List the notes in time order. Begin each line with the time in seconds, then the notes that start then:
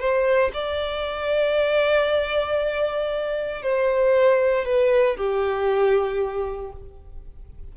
0.00 C5
0.54 D5
3.63 C5
4.66 B4
5.17 G4